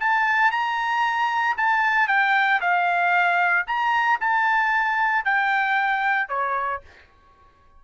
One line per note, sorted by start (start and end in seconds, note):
0.00 0.51 A5
0.51 1.56 A#5
1.57 2.08 A5
2.08 2.60 G5
2.61 3.66 F5
3.67 4.19 A#5
4.20 5.25 A5
5.25 6.29 G5
6.29 6.81 C#5